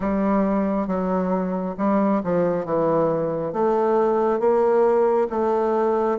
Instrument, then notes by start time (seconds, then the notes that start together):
bassoon
0.00 G3
0.87 F#3
1.77 G3
2.23 F3
2.65 E3
3.53 A3
4.39 A#3
5.30 A3